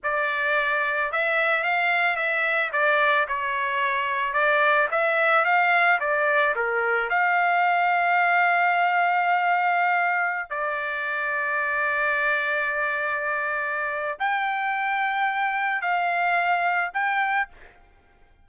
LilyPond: \new Staff \with { instrumentName = "trumpet" } { \time 4/4 \tempo 4 = 110 d''2 e''4 f''4 | e''4 d''4 cis''2 | d''4 e''4 f''4 d''4 | ais'4 f''2.~ |
f''2.~ f''16 d''8.~ | d''1~ | d''2 g''2~ | g''4 f''2 g''4 | }